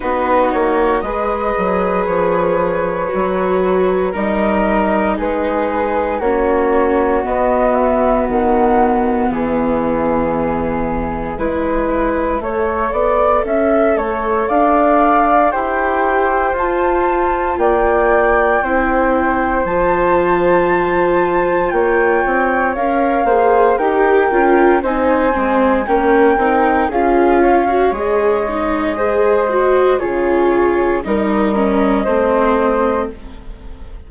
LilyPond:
<<
  \new Staff \with { instrumentName = "flute" } { \time 4/4 \tempo 4 = 58 b'8 cis''8 dis''4 cis''2 | dis''4 b'4 cis''4 dis''8 e''8 | fis''4 e''2.~ | e''2 f''4 g''4 |
a''4 g''2 a''4~ | a''4 g''4 f''4 g''4 | gis''4 g''4 f''4 dis''4~ | dis''4 cis''4 dis''2 | }
  \new Staff \with { instrumentName = "flute" } { \time 4/4 fis'4 b'2. | ais'4 gis'4 fis'2~ | fis'4 gis'2 b'4 | cis''8 d''8 e''8 cis''8 d''4 c''4~ |
c''4 d''4 c''2~ | c''4 cis''4. c''8 ais'4 | c''4 ais'4 gis'8 cis''4. | c''4 gis'4 ais'4 c''4 | }
  \new Staff \with { instrumentName = "viola" } { \time 4/4 dis'4 gis'2 fis'4 | dis'2 cis'4 b4~ | b2. e'4 | a'2. g'4 |
f'2 e'4 f'4~ | f'2 ais'8 gis'8 g'8 f'8 | dis'8 c'8 cis'8 dis'8 f'8. fis'16 gis'8 dis'8 | gis'8 fis'8 f'4 dis'8 cis'8 c'4 | }
  \new Staff \with { instrumentName = "bassoon" } { \time 4/4 b8 ais8 gis8 fis8 f4 fis4 | g4 gis4 ais4 b4 | dis4 e2 gis4 | a8 b8 cis'8 a8 d'4 e'4 |
f'4 ais4 c'4 f4~ | f4 ais8 c'8 cis'8 ais8 dis'8 cis'8 | c'8 gis8 ais8 c'8 cis'4 gis4~ | gis4 cis4 g4 a4 | }
>>